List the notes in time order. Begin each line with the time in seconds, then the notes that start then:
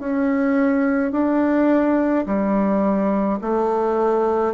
0.00 C#4
1.12 D4
2.26 G3
3.42 A3